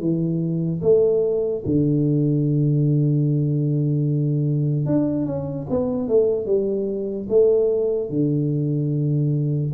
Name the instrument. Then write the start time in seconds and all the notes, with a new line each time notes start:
tuba
0.00 E3
0.81 A3
1.65 D3
4.86 D4
5.26 C#4
5.69 B3
6.08 A3
6.46 G3
7.29 A3
8.09 D3